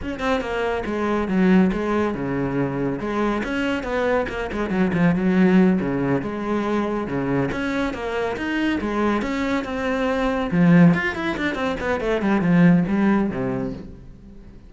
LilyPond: \new Staff \with { instrumentName = "cello" } { \time 4/4 \tempo 4 = 140 cis'8 c'8 ais4 gis4 fis4 | gis4 cis2 gis4 | cis'4 b4 ais8 gis8 fis8 f8 | fis4. cis4 gis4.~ |
gis8 cis4 cis'4 ais4 dis'8~ | dis'8 gis4 cis'4 c'4.~ | c'8 f4 f'8 e'8 d'8 c'8 b8 | a8 g8 f4 g4 c4 | }